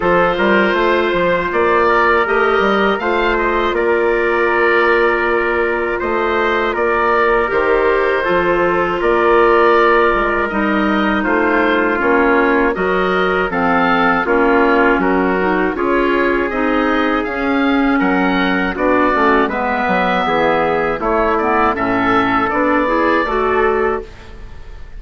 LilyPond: <<
  \new Staff \with { instrumentName = "oboe" } { \time 4/4 \tempo 4 = 80 c''2 d''4 dis''4 | f''8 dis''8 d''2. | dis''4 d''4 c''2 | d''2 dis''4 c''4 |
cis''4 dis''4 f''4 cis''4 | ais'4 cis''4 dis''4 f''4 | fis''4 d''4 e''2 | cis''8 d''8 e''4 d''2 | }
  \new Staff \with { instrumentName = "trumpet" } { \time 4/4 a'8 ais'8 c''4. ais'4. | c''4 ais'2. | c''4 ais'2 a'4 | ais'2. f'4~ |
f'4 ais'4 a'4 f'4 | fis'4 gis'2. | ais'4 fis'4 b'4 gis'4 | e'4 a'4. gis'8 a'4 | }
  \new Staff \with { instrumentName = "clarinet" } { \time 4/4 f'2. g'4 | f'1~ | f'2 g'4 f'4~ | f'2 dis'2 |
cis'4 fis'4 c'4 cis'4~ | cis'8 dis'8 f'4 dis'4 cis'4~ | cis'4 d'8 cis'8 b2 | a8 b8 cis'4 d'8 e'8 fis'4 | }
  \new Staff \with { instrumentName = "bassoon" } { \time 4/4 f8 g8 a8 f8 ais4 a8 g8 | a4 ais2. | a4 ais4 dis4 f4 | ais4. gis8 g4 a4 |
ais4 fis4 f4 ais4 | fis4 cis'4 c'4 cis'4 | fis4 b8 a8 gis8 fis8 e4 | a4 a,4 b4 a4 | }
>>